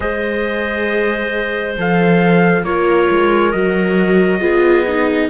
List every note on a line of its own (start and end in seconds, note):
0.00 1.77 G#3
0.00 1.74 G#4
0.00 2.62 C5
0.00 1.75 D#5
1.78 2.63 F3
1.78 2.65 A4
1.78 2.64 F5
2.63 3.07 A#3
2.63 3.53 F4
2.63 4.40 A#4
2.63 3.51 C#5
3.10 3.53 G#3
3.51 4.40 F#3
3.51 4.40 F#4
3.51 5.28 D#5
4.40 5.28 B3
4.40 4.84 F4
4.40 5.28 G#4
4.87 5.29 D#4